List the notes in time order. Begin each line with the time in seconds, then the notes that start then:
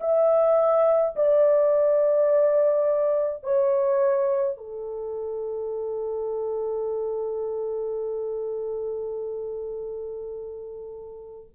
0.00 E5
1.16 D5
3.44 C#5
4.57 A4